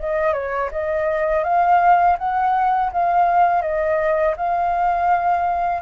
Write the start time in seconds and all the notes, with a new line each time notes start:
0.00 D#5
0.34 C#5
0.72 D#5
1.44 F5
2.19 F#5
2.93 F5
3.62 D#5
4.37 F5